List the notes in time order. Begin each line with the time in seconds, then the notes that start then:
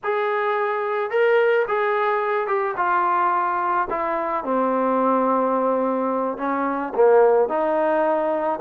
0.03 G#4
1.10 A#4
1.68 G#4
2.47 G4
2.77 F4
3.89 E4
4.43 C4
6.37 C#4
6.94 A#3
7.48 D#4